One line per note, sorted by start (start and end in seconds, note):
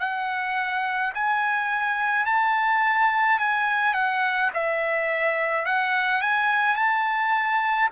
0.00 1.13 F#5
1.15 2.26 G#5
2.26 3.40 A5
3.40 3.94 G#5
3.94 4.51 F#5
4.54 5.66 E5
5.66 6.22 F#5
6.22 6.76 G#5
6.76 7.89 A5